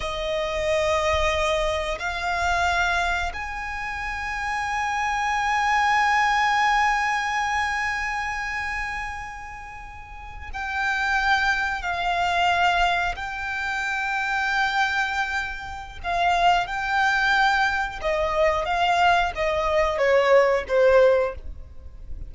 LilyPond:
\new Staff \with { instrumentName = "violin" } { \time 4/4 \tempo 4 = 90 dis''2. f''4~ | f''4 gis''2.~ | gis''1~ | gis''2.~ gis''8. g''16~ |
g''4.~ g''16 f''2 g''16~ | g''1 | f''4 g''2 dis''4 | f''4 dis''4 cis''4 c''4 | }